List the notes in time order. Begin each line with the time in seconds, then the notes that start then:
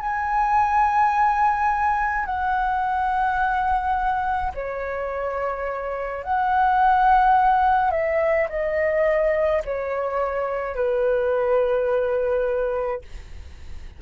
0.00 G#5
2.25 F#5
4.54 C#5
6.24 F#5
7.91 E5
8.49 D#5
9.65 C#5
10.75 B4